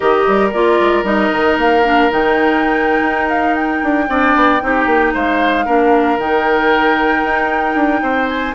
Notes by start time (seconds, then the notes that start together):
0.00 D#3 G4 A#4 D#5
0.27 G3
0.52 A#3 F4 D5
0.80 G#3
1.03 G3 D#4 D#5
1.31 D#3
1.56 A#3 F5
1.83 D4
2.10 D#3 D#4 G5
3.01 D#4
3.29 F5
3.54 G5
3.83 D4
4.08 C4 D4 D5
4.35 B3
4.61 C4 D#4 G4
4.86 A#3
5.13 G#3 C5 F5
5.65 A#3 D4 A#4
6.17 D#3 D#4 G5
7.23 D#4
7.74 D4
8.01 C4 C5
8.28 G#5